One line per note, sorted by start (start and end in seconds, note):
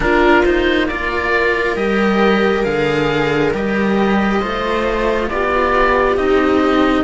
0.00 1.75 A#3
0.00 0.43 D4
0.00 0.88 F4
0.00 0.44 A#4
0.44 0.89 D#4
0.44 0.87 C5
0.87 1.76 F4
0.87 4.40 A#4
0.87 1.76 D5
1.75 2.63 G3
1.75 2.64 G4
1.75 2.64 D#5
2.64 3.53 D3
2.64 3.52 G#4
2.64 3.52 F5
3.53 4.41 G3
3.53 4.42 G4
3.53 5.29 D#5
4.40 5.30 A3
4.40 6.17 F4
4.40 5.28 C5
5.29 6.16 B3
5.29 7.04 G4
5.29 6.16 D5
6.16 7.04 C4
6.16 7.04 D#4
6.16 7.04 D#5